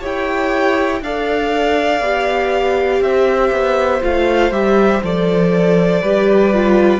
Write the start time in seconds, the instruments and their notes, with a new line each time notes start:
0.00 cello E4, viola G4, violin C#5 G5
1.00 cello D4, viola A4, violin D5 F5
2.00 cello B3, viola G4
3.00 cello C4, violin C5 E5
3.51 cello B3
4.01 cello A3, viola F4, violin F5
4.51 cello G3, viola G4, violin E5
5.03 cello F3, viola A4, violin D5
6.01 cello G3, viola G4, violin B4
6.53 viola F4